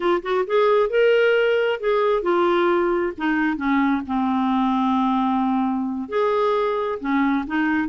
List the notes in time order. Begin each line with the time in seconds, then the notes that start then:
0.00 F4
0.22 F#4
0.46 G#4
0.89 A#4
1.80 G#4
2.22 F4
3.17 D#4
3.56 C#4
4.06 C4
6.08 G#4
6.99 C#4
7.46 D#4